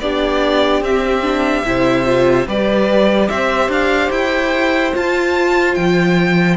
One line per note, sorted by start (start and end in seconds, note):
0.00 0.80 B3
0.00 0.84 D4
0.00 1.67 G4
0.00 0.82 D5
0.80 1.62 C4
0.80 1.23 C4
0.80 2.48 E5
1.23 1.64 D4
1.65 2.46 C3
1.65 2.05 E4
1.65 2.47 C5
2.05 2.47 F4
2.46 3.29 G3
2.46 4.92 G4
2.46 3.29 B4
2.46 3.29 D5
3.29 3.68 C4
3.29 6.57 C5
3.29 3.70 E5
3.68 4.09 D4
3.68 4.11 F5
4.10 4.92 E4
4.10 4.93 G5
4.92 6.56 F4
4.92 5.76 F4
4.92 5.74 A5
5.74 6.57 F3
5.74 6.56 G5